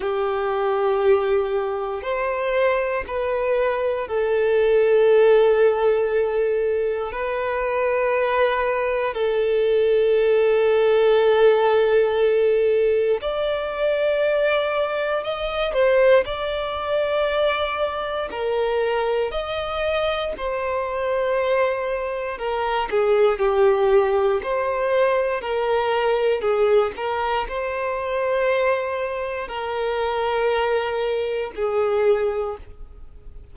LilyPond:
\new Staff \with { instrumentName = "violin" } { \time 4/4 \tempo 4 = 59 g'2 c''4 b'4 | a'2. b'4~ | b'4 a'2.~ | a'4 d''2 dis''8 c''8 |
d''2 ais'4 dis''4 | c''2 ais'8 gis'8 g'4 | c''4 ais'4 gis'8 ais'8 c''4~ | c''4 ais'2 gis'4 | }